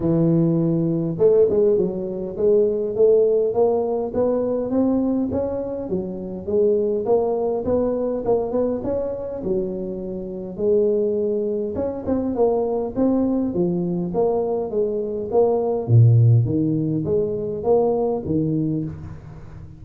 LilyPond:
\new Staff \with { instrumentName = "tuba" } { \time 4/4 \tempo 4 = 102 e2 a8 gis8 fis4 | gis4 a4 ais4 b4 | c'4 cis'4 fis4 gis4 | ais4 b4 ais8 b8 cis'4 |
fis2 gis2 | cis'8 c'8 ais4 c'4 f4 | ais4 gis4 ais4 ais,4 | dis4 gis4 ais4 dis4 | }